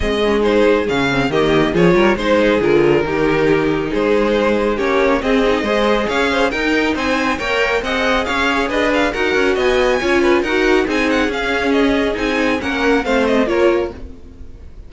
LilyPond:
<<
  \new Staff \with { instrumentName = "violin" } { \time 4/4 \tempo 4 = 138 dis''4 c''4 f''4 dis''4 | cis''4 c''4 ais'2~ | ais'4 c''2 cis''4 | dis''2 f''4 g''4 |
gis''4 g''4 fis''4 f''4 | dis''8 f''8 fis''4 gis''2 | fis''4 gis''8 fis''8 f''4 dis''4 | gis''4 fis''4 f''8 dis''8 cis''4 | }
  \new Staff \with { instrumentName = "violin" } { \time 4/4 gis'2. g'4 | gis'8 ais'8 c''8 gis'4. g'4~ | g'4 gis'2 g'4 | gis'4 c''4 cis''8 c''8 ais'4 |
c''4 cis''4 dis''4 cis''4 | b'4 ais'4 dis''4 cis''8 b'8 | ais'4 gis'2.~ | gis'4 ais'4 c''4 ais'4 | }
  \new Staff \with { instrumentName = "viola" } { \time 4/4 c'8 cis'8 dis'4 cis'8 c'8 ais4 | f'4 dis'4 f'4 dis'4~ | dis'2. cis'4 | c'8 dis'8 gis'2 dis'4~ |
dis'4 ais'4 gis'2~ | gis'4 fis'2 f'4 | fis'4 dis'4 cis'2 | dis'4 cis'4 c'4 f'4 | }
  \new Staff \with { instrumentName = "cello" } { \time 4/4 gis2 cis4 dis4 | f8 g8 gis4 d4 dis4~ | dis4 gis2 ais4 | c'4 gis4 cis'4 dis'4 |
c'4 ais4 c'4 cis'4 | d'4 dis'8 cis'8 b4 cis'4 | dis'4 c'4 cis'2 | c'4 ais4 a4 ais4 | }
>>